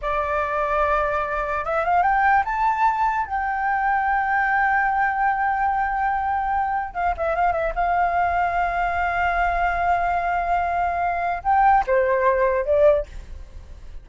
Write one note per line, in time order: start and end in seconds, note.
0.01 1.64 D5
1.64 1.85 E5
1.85 2.02 F5
2.02 2.43 G5
2.45 3.26 A5
3.26 6.94 G5
6.94 7.14 F5
7.17 7.35 E5
7.35 7.52 F5
7.52 7.73 E5
7.75 11.42 F5
11.43 11.84 G5
11.86 12.65 C5
12.65 13.06 D5